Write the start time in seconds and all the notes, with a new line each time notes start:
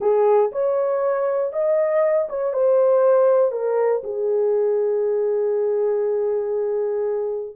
0.00 G#4
0.52 C#5
1.52 D#5
2.29 C#5
2.53 C5
3.51 A#4
4.03 G#4